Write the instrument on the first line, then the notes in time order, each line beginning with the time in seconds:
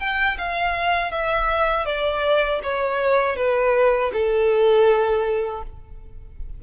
violin
0.00 G5
0.38 F5
1.11 E5
1.85 D5
2.63 C#5
3.36 B4
4.13 A4